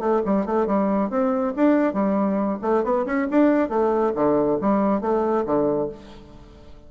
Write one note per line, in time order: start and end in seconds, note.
0.00 0.22 A3
0.26 0.46 G3
0.46 0.67 A3
0.67 1.10 G3
1.10 1.54 C4
1.57 1.94 D4
1.94 2.59 G3
2.62 2.84 A3
2.84 3.06 B3
3.06 3.28 C#4
3.31 3.70 D4
3.70 4.13 A3
4.16 4.59 D3
4.61 5.02 G3
5.02 5.45 A3
5.46 5.90 D3